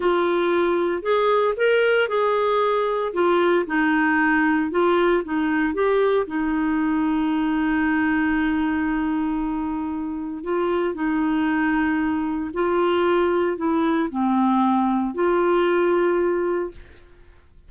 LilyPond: \new Staff \with { instrumentName = "clarinet" } { \time 4/4 \tempo 4 = 115 f'2 gis'4 ais'4 | gis'2 f'4 dis'4~ | dis'4 f'4 dis'4 g'4 | dis'1~ |
dis'1 | f'4 dis'2. | f'2 e'4 c'4~ | c'4 f'2. | }